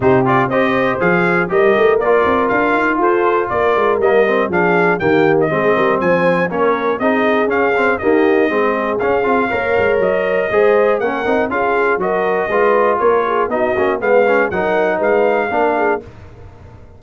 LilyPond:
<<
  \new Staff \with { instrumentName = "trumpet" } { \time 4/4 \tempo 4 = 120 c''8 d''8 dis''4 f''4 dis''4 | d''4 f''4 c''4 d''4 | dis''4 f''4 g''8. dis''4~ dis''16 | gis''4 cis''4 dis''4 f''4 |
dis''2 f''2 | dis''2 fis''4 f''4 | dis''2 cis''4 dis''4 | f''4 fis''4 f''2 | }
  \new Staff \with { instrumentName = "horn" } { \time 4/4 g'4 c''2 ais'4~ | ais'2 a'4 ais'4~ | ais'4 gis'4 g'4 gis'8 ais'8 | c''4 ais'4 gis'2 |
g'4 gis'2 cis''4~ | cis''4 c''4 ais'4 gis'4 | ais'4 b'4 ais'8 gis'8 fis'4 | b'4 ais'4 b'4 ais'8 gis'8 | }
  \new Staff \with { instrumentName = "trombone" } { \time 4/4 dis'8 f'8 g'4 gis'4 g'4 | f'1 | ais8 c'8 d'4 ais4 c'4~ | c'4 cis'4 dis'4 cis'8 c'8 |
ais4 c'4 cis'8 f'8 ais'4~ | ais'4 gis'4 cis'8 dis'8 f'4 | fis'4 f'2 dis'8 cis'8 | b8 cis'8 dis'2 d'4 | }
  \new Staff \with { instrumentName = "tuba" } { \time 4/4 c4 c'4 f4 g8 a8 | ais8 c'8 d'8 dis'8 f'4 ais8 gis8 | g4 f4 dis4 gis8 g8 | f4 ais4 c'4 cis'4 |
dis'4 gis4 cis'8 c'8 ais8 gis8 | fis4 gis4 ais8 c'8 cis'4 | fis4 gis4 ais4 b8 ais8 | gis4 fis4 gis4 ais4 | }
>>